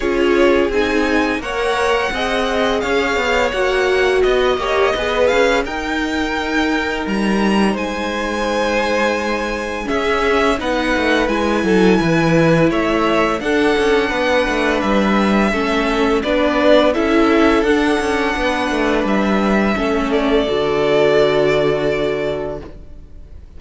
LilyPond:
<<
  \new Staff \with { instrumentName = "violin" } { \time 4/4 \tempo 4 = 85 cis''4 gis''4 fis''2 | f''4 fis''4 dis''4. f''8 | g''2 ais''4 gis''4~ | gis''2 e''4 fis''4 |
gis''2 e''4 fis''4~ | fis''4 e''2 d''4 | e''4 fis''2 e''4~ | e''8 d''2.~ d''8 | }
  \new Staff \with { instrumentName = "violin" } { \time 4/4 gis'2 cis''4 dis''4 | cis''2 dis''8 cis''8 b'4 | ais'2. c''4~ | c''2 gis'4 b'4~ |
b'8 a'8 b'4 cis''4 a'4 | b'2 a'4 b'4 | a'2 b'2 | a'1 | }
  \new Staff \with { instrumentName = "viola" } { \time 4/4 f'4 dis'4 ais'4 gis'4~ | gis'4 fis'4. g'8 gis'4 | dis'1~ | dis'2 cis'4 dis'4 |
e'2. d'4~ | d'2 cis'4 d'4 | e'4 d'2. | cis'4 fis'2. | }
  \new Staff \with { instrumentName = "cello" } { \time 4/4 cis'4 c'4 ais4 c'4 | cis'8 b8 ais4 b8 ais8 b8 cis'8 | dis'2 g4 gis4~ | gis2 cis'4 b8 a8 |
gis8 fis8 e4 a4 d'8 cis'8 | b8 a8 g4 a4 b4 | cis'4 d'8 cis'8 b8 a8 g4 | a4 d2. | }
>>